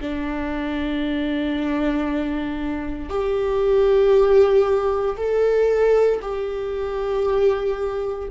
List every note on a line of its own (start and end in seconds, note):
0.00 3.09 D4
3.09 5.16 G4
5.16 6.20 A4
6.21 8.28 G4